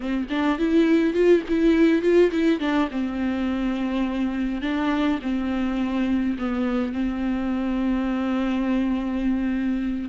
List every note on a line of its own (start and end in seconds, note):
0.00 0.27 C4
0.29 0.58 D4
0.58 1.13 E4
1.13 1.42 F4
1.48 2.02 E4
2.02 2.31 F4
2.31 2.59 E4
2.59 2.88 D4
2.90 4.61 C4
4.61 5.19 D4
5.22 6.37 C4
6.38 6.93 B3
6.93 10.09 C4